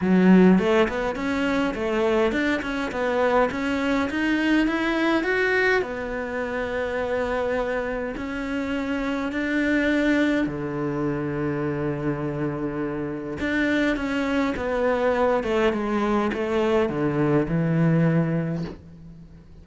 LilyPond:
\new Staff \with { instrumentName = "cello" } { \time 4/4 \tempo 4 = 103 fis4 a8 b8 cis'4 a4 | d'8 cis'8 b4 cis'4 dis'4 | e'4 fis'4 b2~ | b2 cis'2 |
d'2 d2~ | d2. d'4 | cis'4 b4. a8 gis4 | a4 d4 e2 | }